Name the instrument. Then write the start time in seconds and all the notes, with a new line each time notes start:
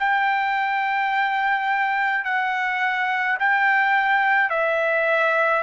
trumpet
0.00 G5
2.25 F#5
3.40 G5
4.50 E5